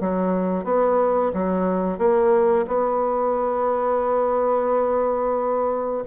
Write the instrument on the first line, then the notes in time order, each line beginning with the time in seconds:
bassoon
0.00 F#3
0.64 B3
1.33 F#3
1.98 A#3
2.67 B3